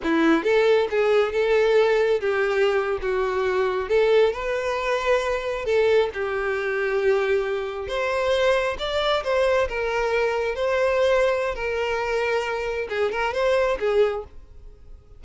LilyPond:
\new Staff \with { instrumentName = "violin" } { \time 4/4 \tempo 4 = 135 e'4 a'4 gis'4 a'4~ | a'4 g'4.~ g'16 fis'4~ fis'16~ | fis'8. a'4 b'2~ b'16~ | b'8. a'4 g'2~ g'16~ |
g'4.~ g'16 c''2 d''16~ | d''8. c''4 ais'2 c''16~ | c''2 ais'2~ | ais'4 gis'8 ais'8 c''4 gis'4 | }